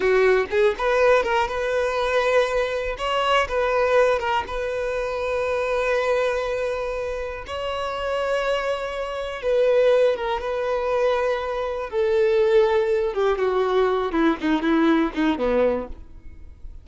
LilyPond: \new Staff \with { instrumentName = "violin" } { \time 4/4 \tempo 4 = 121 fis'4 gis'8 b'4 ais'8 b'4~ | b'2 cis''4 b'4~ | b'8 ais'8 b'2.~ | b'2. cis''4~ |
cis''2. b'4~ | b'8 ais'8 b'2. | a'2~ a'8 g'8 fis'4~ | fis'8 e'8 dis'8 e'4 dis'8 b4 | }